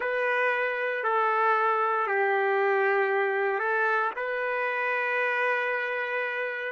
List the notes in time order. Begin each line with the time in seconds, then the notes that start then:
0.00 B4
1.03 A4
2.06 G4
3.59 A4
4.16 B4